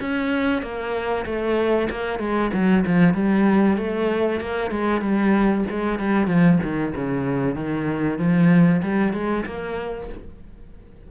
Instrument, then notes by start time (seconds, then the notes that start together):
cello
0.00 C#4
0.62 A#3
1.25 A3
1.90 A#3
2.19 G#3
2.53 F#3
2.86 F3
3.13 G3
3.77 A3
4.40 A#3
4.70 G#3
5.01 G3
5.70 G#3
5.99 G3
6.27 F3
6.62 D#3
6.95 C#3
7.55 D#3
8.18 F3
8.82 G3
9.13 G#3
9.45 A#3